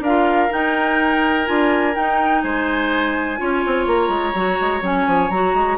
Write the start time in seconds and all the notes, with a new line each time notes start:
0.00 D4 A#4 F5
0.06 F4
0.50 D#4 G5
1.46 D4 F4 G#5
1.95 D#4 G5
2.41 G#3 C5 G#5
3.38 C#4 F4 C#5
3.66 C4
3.87 A#3 A#5
4.09 G#3
4.34 F#3 F#4
4.61 G#3
4.81 F#3 C#4 G#5
5.07 F3
5.30 F#3 F#4 A#5
5.54 G#3